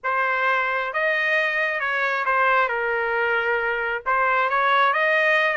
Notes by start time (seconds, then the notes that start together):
0.03 C5
0.93 D#5
1.80 C#5
2.25 C5
2.68 A#4
4.06 C5
4.49 C#5
4.93 D#5